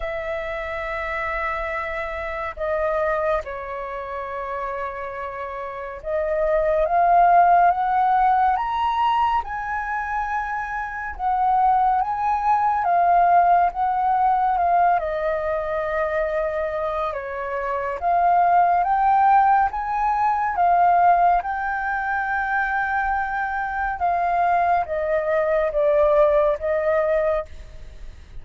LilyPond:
\new Staff \with { instrumentName = "flute" } { \time 4/4 \tempo 4 = 70 e''2. dis''4 | cis''2. dis''4 | f''4 fis''4 ais''4 gis''4~ | gis''4 fis''4 gis''4 f''4 |
fis''4 f''8 dis''2~ dis''8 | cis''4 f''4 g''4 gis''4 | f''4 g''2. | f''4 dis''4 d''4 dis''4 | }